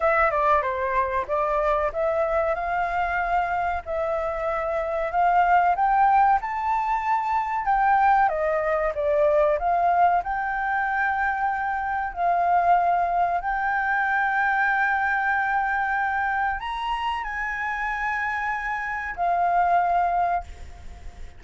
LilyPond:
\new Staff \with { instrumentName = "flute" } { \time 4/4 \tempo 4 = 94 e''8 d''8 c''4 d''4 e''4 | f''2 e''2 | f''4 g''4 a''2 | g''4 dis''4 d''4 f''4 |
g''2. f''4~ | f''4 g''2.~ | g''2 ais''4 gis''4~ | gis''2 f''2 | }